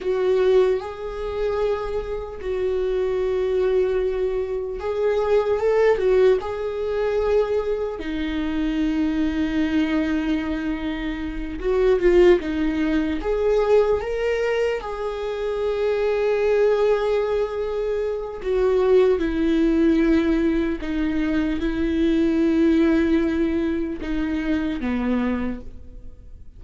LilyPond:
\new Staff \with { instrumentName = "viola" } { \time 4/4 \tempo 4 = 75 fis'4 gis'2 fis'4~ | fis'2 gis'4 a'8 fis'8 | gis'2 dis'2~ | dis'2~ dis'8 fis'8 f'8 dis'8~ |
dis'8 gis'4 ais'4 gis'4.~ | gis'2. fis'4 | e'2 dis'4 e'4~ | e'2 dis'4 b4 | }